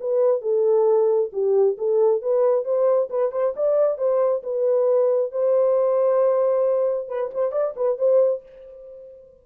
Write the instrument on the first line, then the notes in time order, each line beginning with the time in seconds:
horn
0.00 B4
0.41 A4
1.32 G4
1.77 A4
2.22 B4
2.64 C5
3.10 B4
3.32 C5
3.56 D5
3.98 C5
4.43 B4
5.32 C5
7.08 B4
7.34 C5
7.52 D5
7.76 B4
7.98 C5